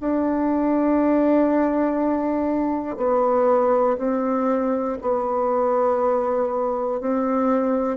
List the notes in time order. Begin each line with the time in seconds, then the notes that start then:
0.00 D4
2.97 B3
3.98 C4
5.02 B3
7.01 C4